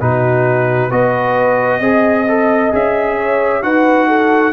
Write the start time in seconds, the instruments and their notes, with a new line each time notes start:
0.00 tuba B2, trombone D#4, horn F#4, trumpet B4
0.91 tuba B3, trombone F#4, horn B4, trumpet D#5
1.80 tuba C4, trombone G#4, horn D#5
2.28 trombone A4
2.72 tuba C#4, trombone G#4, trumpet E5
3.18 horn C#5
3.62 tuba D#4, trombone F#4, horn B4, trumpet F#5
4.08 horn A4